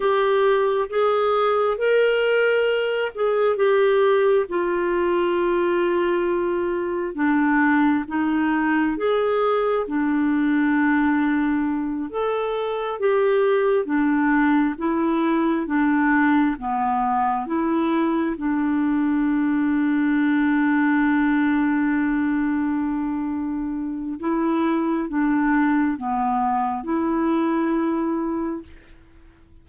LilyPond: \new Staff \with { instrumentName = "clarinet" } { \time 4/4 \tempo 4 = 67 g'4 gis'4 ais'4. gis'8 | g'4 f'2. | d'4 dis'4 gis'4 d'4~ | d'4. a'4 g'4 d'8~ |
d'8 e'4 d'4 b4 e'8~ | e'8 d'2.~ d'8~ | d'2. e'4 | d'4 b4 e'2 | }